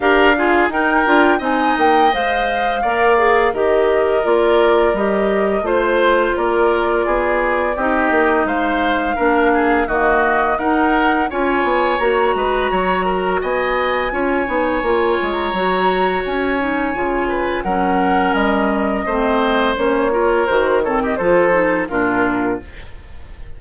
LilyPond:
<<
  \new Staff \with { instrumentName = "flute" } { \time 4/4 \tempo 4 = 85 f''4 g''4 gis''8 g''8 f''4~ | f''4 dis''4 d''4 dis''4 | c''4 d''2 dis''4 | f''2 dis''4 fis''4 |
gis''4 ais''2 gis''4~ | gis''4.~ gis''16 ais''4~ ais''16 gis''4~ | gis''4 fis''4 dis''2 | cis''4 c''8 cis''16 dis''16 c''4 ais'4 | }
  \new Staff \with { instrumentName = "oboe" } { \time 4/4 ais'8 gis'8 ais'4 dis''2 | d''4 ais'2. | c''4 ais'4 gis'4 g'4 | c''4 ais'8 gis'8 fis'4 ais'4 |
cis''4. b'8 cis''8 ais'8 dis''4 | cis''1~ | cis''8 b'8 ais'2 c''4~ | c''8 ais'4 a'16 g'16 a'4 f'4 | }
  \new Staff \with { instrumentName = "clarinet" } { \time 4/4 g'8 f'8 dis'8 f'8 dis'4 c''4 | ais'8 gis'8 g'4 f'4 g'4 | f'2. dis'4~ | dis'4 d'4 ais4 dis'4 |
f'4 fis'2. | f'8 dis'8 f'4 fis'4. dis'8 | f'4 cis'2 c'4 | cis'8 f'8 fis'8 c'8 f'8 dis'8 d'4 | }
  \new Staff \with { instrumentName = "bassoon" } { \time 4/4 d'4 dis'8 d'8 c'8 ais8 gis4 | ais4 dis4 ais4 g4 | a4 ais4 b4 c'8 ais8 | gis4 ais4 dis4 dis'4 |
cis'8 b8 ais8 gis8 fis4 b4 | cis'8 b8 ais8 gis8 fis4 cis'4 | cis4 fis4 g4 a4 | ais4 dis4 f4 ais,4 | }
>>